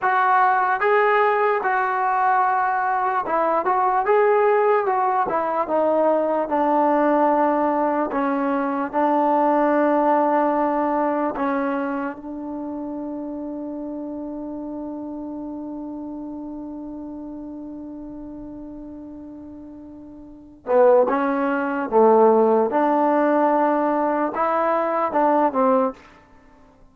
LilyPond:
\new Staff \with { instrumentName = "trombone" } { \time 4/4 \tempo 4 = 74 fis'4 gis'4 fis'2 | e'8 fis'8 gis'4 fis'8 e'8 dis'4 | d'2 cis'4 d'4~ | d'2 cis'4 d'4~ |
d'1~ | d'1~ | d'4. b8 cis'4 a4 | d'2 e'4 d'8 c'8 | }